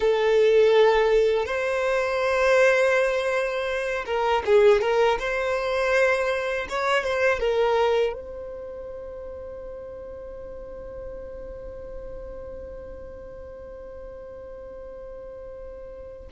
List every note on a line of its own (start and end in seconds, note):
0.00 1.45 A4
1.45 4.04 C5
4.06 4.43 A#4
4.45 4.81 G#4
4.81 5.18 A#4
5.19 6.67 C5
6.69 7.04 C#5
7.04 7.39 C5
7.39 8.13 A#4
8.13 16.28 C5